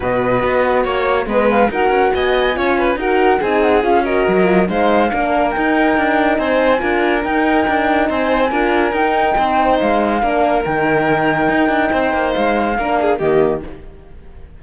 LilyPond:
<<
  \new Staff \with { instrumentName = "flute" } { \time 4/4 \tempo 4 = 141 dis''2 cis''4 dis''8 f''8 | fis''4 gis''2 fis''4 | gis''8 fis''8 f''8 dis''4. f''4~ | f''4 g''2 gis''4~ |
gis''4 g''2 gis''4~ | gis''4 g''2 f''4~ | f''4 g''2.~ | g''4 f''2 dis''4 | }
  \new Staff \with { instrumentName = "violin" } { \time 4/4 b'2 cis''4 b'4 | ais'4 dis''4 cis''8 b'8 ais'4 | gis'4. ais'4. c''4 | ais'2. c''4 |
ais'2. c''4 | ais'2 c''2 | ais'1 | c''2 ais'8 gis'8 g'4 | }
  \new Staff \with { instrumentName = "horn" } { \time 4/4 fis'2. b4 | fis'2 f'4 fis'4 | dis'4 f'8 fis'4 f'8 dis'4 | d'4 dis'2. |
f'4 dis'2. | f'4 dis'2. | d'4 dis'2.~ | dis'2 d'4 ais4 | }
  \new Staff \with { instrumentName = "cello" } { \time 4/4 b,4 b4 ais4 gis4 | dis'8 cis'8 b4 cis'4 dis'4 | c'4 cis'4 fis4 gis4 | ais4 dis'4 d'4 c'4 |
d'4 dis'4 d'4 c'4 | d'4 dis'4 c'4 gis4 | ais4 dis2 dis'8 d'8 | c'8 ais8 gis4 ais4 dis4 | }
>>